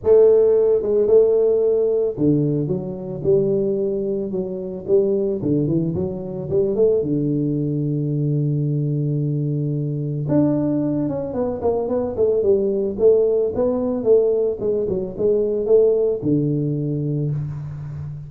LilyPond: \new Staff \with { instrumentName = "tuba" } { \time 4/4 \tempo 4 = 111 a4. gis8 a2 | d4 fis4 g2 | fis4 g4 d8 e8 fis4 | g8 a8 d2.~ |
d2. d'4~ | d'8 cis'8 b8 ais8 b8 a8 g4 | a4 b4 a4 gis8 fis8 | gis4 a4 d2 | }